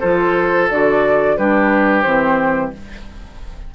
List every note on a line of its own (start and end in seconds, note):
0.00 0.71 F3
0.00 0.70 F4
0.00 1.36 A4
0.00 0.69 C5
0.71 1.38 D3
0.71 1.38 F#4
0.71 1.37 D5
1.37 2.04 G3
1.37 2.05 D4
1.37 2.75 G4
1.37 2.02 B4
2.02 2.73 E3
2.02 2.73 C4
2.02 2.71 C5